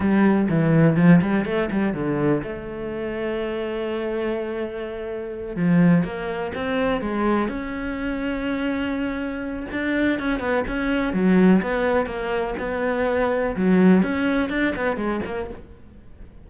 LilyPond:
\new Staff \with { instrumentName = "cello" } { \time 4/4 \tempo 4 = 124 g4 e4 f8 g8 a8 g8 | d4 a2.~ | a2.~ a8 f8~ | f8 ais4 c'4 gis4 cis'8~ |
cis'1 | d'4 cis'8 b8 cis'4 fis4 | b4 ais4 b2 | fis4 cis'4 d'8 b8 gis8 ais8 | }